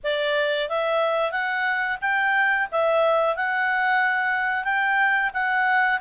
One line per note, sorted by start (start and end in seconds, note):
0.03 0.68 D5
0.68 1.31 E5
1.31 1.98 F#5
2.01 2.68 G5
2.71 3.35 E5
3.35 4.64 F#5
4.64 5.30 G5
5.33 6.00 F#5